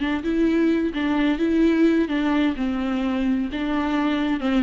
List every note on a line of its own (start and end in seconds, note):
0.00 0.23 D4
0.23 0.93 E4
0.94 1.39 D4
1.39 2.08 E4
2.08 2.55 D4
2.56 3.49 C4
3.52 4.41 D4
4.41 4.63 C4